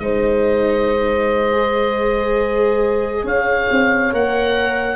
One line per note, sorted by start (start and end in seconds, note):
0.00 3.24 G#3
0.00 1.53 D#4
0.00 3.25 C5
0.00 3.26 D#5
1.53 4.13 G#4
3.24 3.68 C#4
3.24 4.96 C#5
3.24 4.14 F5
3.71 4.13 C4
4.13 4.96 A#3
4.13 4.96 A#4
4.13 4.96 F#5